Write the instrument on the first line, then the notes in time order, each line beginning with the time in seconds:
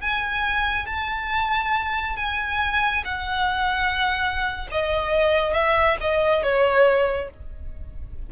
violin
0.00 G#5
0.86 A5
2.16 G#5
3.04 F#5
4.71 D#5
5.53 E5
6.00 D#5
6.42 C#5